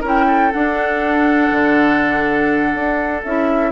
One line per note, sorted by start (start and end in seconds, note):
0.00 0.52 C#4
0.00 0.52 E4
0.00 0.25 A#4
0.07 0.52 G5
0.27 3.71 A4
0.52 3.23 D4
0.52 1.51 D4
0.52 3.22 F#5
1.51 2.73 D3
2.73 3.23 D4
3.23 3.71 C#4
3.23 3.71 E4
3.23 3.71 E5